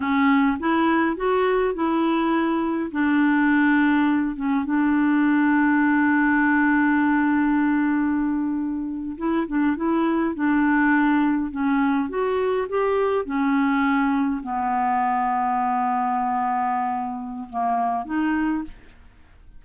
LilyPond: \new Staff \with { instrumentName = "clarinet" } { \time 4/4 \tempo 4 = 103 cis'4 e'4 fis'4 e'4~ | e'4 d'2~ d'8 cis'8 | d'1~ | d'2.~ d'8. e'16~ |
e'16 d'8 e'4 d'2 cis'16~ | cis'8. fis'4 g'4 cis'4~ cis'16~ | cis'8. b2.~ b16~ | b2 ais4 dis'4 | }